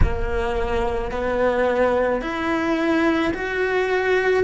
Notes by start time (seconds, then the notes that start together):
0.02 A#3
1.11 B3
2.21 E4
3.34 F#4